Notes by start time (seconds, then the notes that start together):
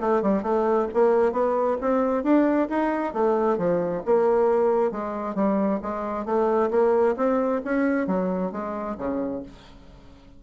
0.00 A3
0.22 G3
0.43 A3
0.94 A#3
1.32 B3
1.81 C4
2.23 D4
2.69 D#4
3.13 A3
3.58 F3
4.05 A#3
4.92 G#3
5.35 G3
5.82 G#3
6.25 A3
6.70 A#3
7.17 C4
7.65 C#4
8.07 F#3
8.52 G#3
8.98 C#3